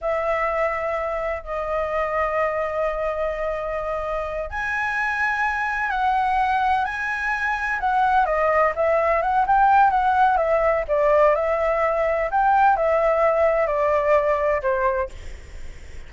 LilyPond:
\new Staff \with { instrumentName = "flute" } { \time 4/4 \tempo 4 = 127 e''2. dis''4~ | dis''1~ | dis''4. gis''2~ gis''8~ | gis''8 fis''2 gis''4.~ |
gis''8 fis''4 dis''4 e''4 fis''8 | g''4 fis''4 e''4 d''4 | e''2 g''4 e''4~ | e''4 d''2 c''4 | }